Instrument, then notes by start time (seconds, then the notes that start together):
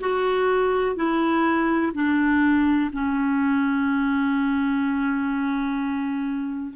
clarinet
0.00 F#4
0.95 E4
1.94 D4
2.93 C#4